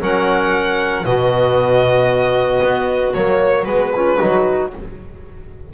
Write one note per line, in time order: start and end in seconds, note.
0.00 1.04 F#3
0.00 1.04 C#4
0.00 1.05 A#4
0.00 1.04 F#5
1.04 2.61 B2
1.04 3.13 B3
1.04 3.93 F#4
1.04 3.13 D#5
2.62 3.14 B3
3.13 3.65 F#3
3.13 3.66 A#3
3.13 3.64 C#5
3.64 4.17 G#3
3.64 3.92 B3
3.64 4.69 B4
3.94 4.19 C#4
3.94 4.17 F4
4.17 4.73 F#3
4.17 4.71 D#4
4.17 4.69 F#4